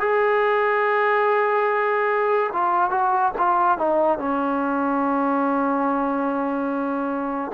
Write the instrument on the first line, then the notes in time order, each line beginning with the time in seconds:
trombone
0.00 G#4
2.53 F4
2.90 F#4
3.38 F4
3.78 D#4
4.18 C#4